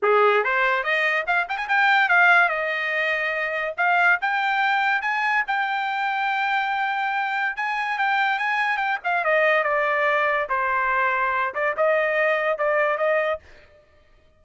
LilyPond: \new Staff \with { instrumentName = "trumpet" } { \time 4/4 \tempo 4 = 143 gis'4 c''4 dis''4 f''8 g''16 gis''16 | g''4 f''4 dis''2~ | dis''4 f''4 g''2 | gis''4 g''2.~ |
g''2 gis''4 g''4 | gis''4 g''8 f''8 dis''4 d''4~ | d''4 c''2~ c''8 d''8 | dis''2 d''4 dis''4 | }